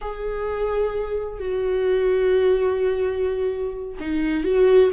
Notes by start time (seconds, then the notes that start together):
0.01 G#4
1.39 F#4
4.00 D#4
4.44 F#4